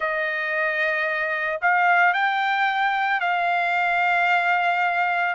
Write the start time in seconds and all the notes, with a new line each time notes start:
0.00 D#5
1.61 F5
2.13 G5
3.20 F5